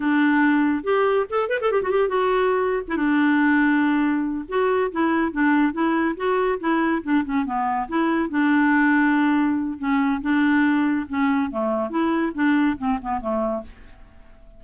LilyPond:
\new Staff \with { instrumentName = "clarinet" } { \time 4/4 \tempo 4 = 141 d'2 g'4 a'8 b'16 a'16 | g'16 fis'16 g'8 fis'4.~ fis'16 e'16 d'4~ | d'2~ d'8 fis'4 e'8~ | e'8 d'4 e'4 fis'4 e'8~ |
e'8 d'8 cis'8 b4 e'4 d'8~ | d'2. cis'4 | d'2 cis'4 a4 | e'4 d'4 c'8 b8 a4 | }